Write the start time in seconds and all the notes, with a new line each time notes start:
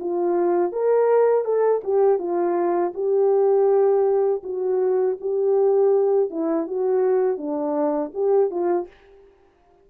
0.00 F4
0.72 A#4
1.45 A4
1.85 G4
2.19 F4
2.95 G4
4.44 F#4
5.21 G4
6.31 E4
6.68 F#4
7.38 D4
8.14 G4
8.51 F4